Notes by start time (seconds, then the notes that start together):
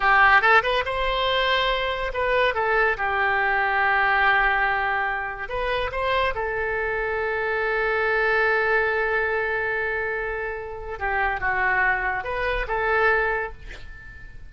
0.00 G4
0.41 A4
0.62 B4
0.85 C5
2.13 B4
2.54 A4
2.97 G4
5.48 B4
5.91 C5
6.35 A4
10.99 G4
11.40 F#4
12.24 B4
12.67 A4